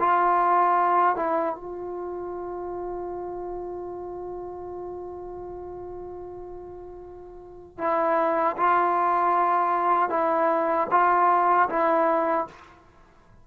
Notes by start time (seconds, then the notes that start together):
0.00 F4
1.17 E4
1.55 F4
7.79 E4
8.57 F4
10.10 E4
10.91 F4
11.70 E4